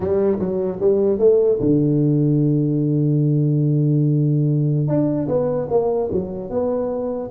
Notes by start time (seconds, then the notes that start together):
0.00 G3
0.39 F#3
0.80 G3
1.19 A3
1.60 D3
4.87 D4
5.28 B3
5.70 A#3
6.11 F#3
6.49 B3